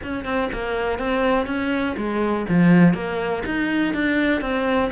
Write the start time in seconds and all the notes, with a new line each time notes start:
0.03 C#4
0.24 C4
0.53 A#3
0.98 C4
1.46 C#4
1.96 G#3
2.48 F3
2.94 A#3
3.45 D#4
3.94 D4
4.41 C4